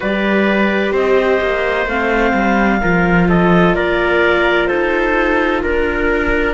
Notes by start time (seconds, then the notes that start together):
0.00 G3 G4 B4 D5
0.92 C4 C5 D#5
1.41 A#3
1.86 A3 C4 F5
2.33 G3
2.80 F3 F4 A#4
3.28 A4 D#5
3.74 A#3 A#4 D5
4.66 D#4 A4 C5
5.62 D4 A#4